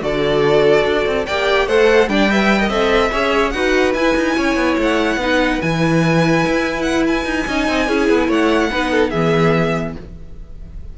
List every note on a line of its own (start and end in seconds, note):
0.00 0.84 D3
0.00 1.24 F#4
0.00 1.26 A4
0.00 1.26 D5
0.84 1.05 D4
1.06 1.26 C4
1.26 1.67 A#3
1.26 1.68 G4
1.26 1.67 D5
1.26 1.67 G5
1.67 2.07 A3
1.67 2.09 A4
1.67 2.08 C5
1.67 2.08 F#5
2.07 2.69 G3
2.07 2.29 D4
2.07 2.30 D5
2.07 2.69 G5
2.30 2.61 B4
2.30 2.58 E5
2.58 2.70 A#4
2.58 3.10 D#5
2.69 3.10 C4
2.69 3.11 A4
2.69 3.50 E5
3.11 3.53 C#4
3.11 3.53 G#4
3.11 3.52 C#5
3.50 3.94 D#4
3.50 3.95 F#4
3.50 4.36 B4
3.50 3.92 F#5
3.94 4.15 E4
3.94 5.20 E4
3.94 4.77 G#5
4.16 4.37 D#4
4.36 4.55 C#4
4.36 5.19 C#5
4.55 4.76 B3
4.77 5.16 A3
4.77 5.61 F#5
5.16 5.58 B3
5.16 5.60 D#4
5.16 7.47 B4
5.60 6.45 E3
5.60 7.46 E4
5.60 6.82 G#5
6.46 7.25 E4
6.82 7.02 F#5
7.07 8.31 G#5
7.25 7.46 D#4
7.47 7.67 C#4
7.47 7.87 D#4
7.47 7.88 D#5
7.67 7.88 C4
7.87 8.09 C#4
7.87 8.70 E4
7.87 8.27 G#4
8.09 8.28 B3
8.27 8.69 A3
8.27 8.68 C#5
8.27 9.10 F#5
8.71 9.13 B3
8.71 9.12 D#4
8.71 8.91 B4
8.91 9.10 A4
9.10 9.95 E3
9.10 9.97 B3
9.10 9.93 G#4
9.10 9.92 E5